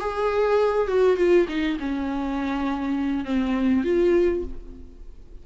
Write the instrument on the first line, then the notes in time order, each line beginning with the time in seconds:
viola
0.00 G#4
0.87 F#4
1.17 F4
1.49 D#4
1.80 C#4
3.25 C4
3.84 F4